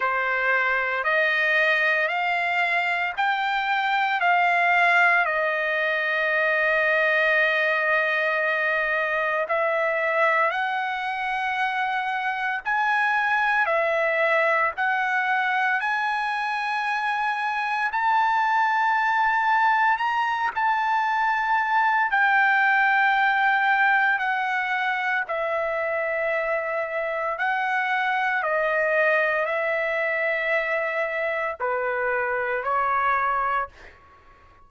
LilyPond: \new Staff \with { instrumentName = "trumpet" } { \time 4/4 \tempo 4 = 57 c''4 dis''4 f''4 g''4 | f''4 dis''2.~ | dis''4 e''4 fis''2 | gis''4 e''4 fis''4 gis''4~ |
gis''4 a''2 ais''8 a''8~ | a''4 g''2 fis''4 | e''2 fis''4 dis''4 | e''2 b'4 cis''4 | }